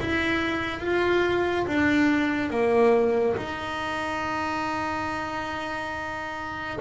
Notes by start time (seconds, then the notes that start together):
0.00 E4
0.81 F4
1.68 D4
2.51 A#3
3.37 D#4